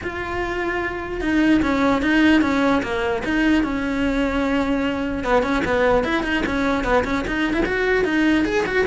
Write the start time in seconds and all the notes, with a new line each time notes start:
0.03 F4
1.21 D#4
1.61 C#4
2.02 D#4
2.41 C#4
2.82 A#3
3.24 D#4
3.63 C#4
5.24 B3
5.42 C#4
5.64 B3
6.04 E4
6.23 D#4
6.45 C#4
6.84 B3
7.04 C#4
7.27 D#4
7.53 E4
7.65 F#4
8.04 D#4
8.45 G#4
8.66 F#4